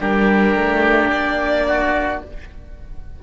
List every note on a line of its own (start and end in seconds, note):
0.00 0.55 G3
0.00 2.23 D4
0.00 1.67 G4
0.00 1.10 A#4
0.55 1.10 A3
1.10 2.21 A#3
1.10 2.21 D5
1.67 2.22 F#4